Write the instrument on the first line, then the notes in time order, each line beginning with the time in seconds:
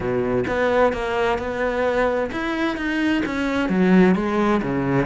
cello
0.00 B2
0.47 B3
0.92 A#3
1.38 B3
2.31 E4
2.76 D#4
3.25 C#4
3.69 F#3
4.15 G#3
4.62 C#3